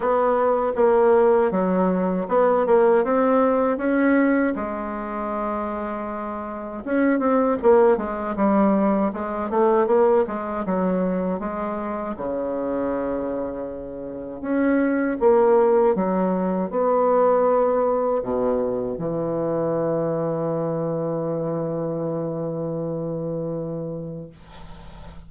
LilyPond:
\new Staff \with { instrumentName = "bassoon" } { \time 4/4 \tempo 4 = 79 b4 ais4 fis4 b8 ais8 | c'4 cis'4 gis2~ | gis4 cis'8 c'8 ais8 gis8 g4 | gis8 a8 ais8 gis8 fis4 gis4 |
cis2. cis'4 | ais4 fis4 b2 | b,4 e2.~ | e1 | }